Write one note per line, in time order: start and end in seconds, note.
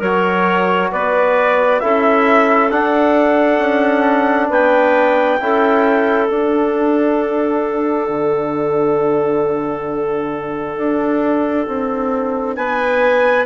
0.00 0.91 F#3
0.00 1.81 F#4
0.00 0.90 A#4
0.00 0.92 C#5
0.92 1.82 B3
0.92 1.81 B4
0.92 1.80 D5
1.80 2.72 C#4
1.80 2.71 E4
1.80 4.50 A4
1.80 2.70 E5
2.71 5.40 D4
2.71 3.59 D4
2.71 4.50 F#5
3.59 4.48 C#4
4.50 5.40 B3
4.50 5.39 B4
4.50 6.30 G5
5.40 6.30 C#4
5.40 6.29 E4
5.40 12.57 A4
6.29 13.45 D4
6.29 8.10 D4
6.29 12.56 F#5
8.10 10.77 D3
10.77 11.67 D4
11.67 12.57 C4
12.56 13.46 B3
12.56 13.46 B4
12.56 13.45 G#5